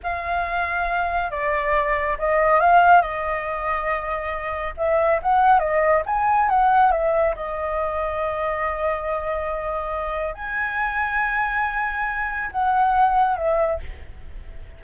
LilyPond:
\new Staff \with { instrumentName = "flute" } { \time 4/4 \tempo 4 = 139 f''2. d''4~ | d''4 dis''4 f''4 dis''4~ | dis''2. e''4 | fis''4 dis''4 gis''4 fis''4 |
e''4 dis''2.~ | dis''1 | gis''1~ | gis''4 fis''2 e''4 | }